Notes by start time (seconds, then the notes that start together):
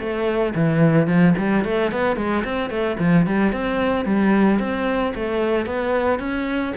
0.00 A3
0.56 E3
1.08 F3
1.38 G3
1.65 A3
1.92 B3
2.17 G#3
2.45 C4
2.70 A3
3.00 F3
3.27 G3
3.53 C4
4.06 G3
4.60 C4
5.15 A3
5.67 B3
6.20 C#4